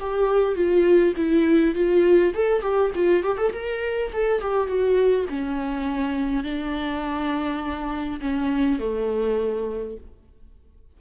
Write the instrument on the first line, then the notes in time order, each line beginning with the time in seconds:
viola
0.00 G4
0.55 F4
1.16 E4
1.75 F4
2.34 A4
2.61 G4
2.95 F4
3.23 G4
3.38 A4
3.53 A#4
4.13 A4
4.41 G4
4.67 F#4
5.29 C#4
6.43 D4
8.21 C#4
8.79 A3